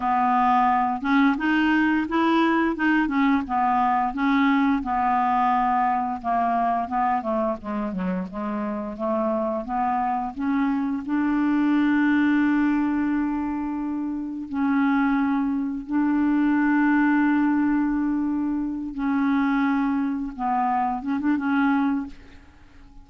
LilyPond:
\new Staff \with { instrumentName = "clarinet" } { \time 4/4 \tempo 4 = 87 b4. cis'8 dis'4 e'4 | dis'8 cis'8 b4 cis'4 b4~ | b4 ais4 b8 a8 gis8 fis8 | gis4 a4 b4 cis'4 |
d'1~ | d'4 cis'2 d'4~ | d'2.~ d'8 cis'8~ | cis'4. b4 cis'16 d'16 cis'4 | }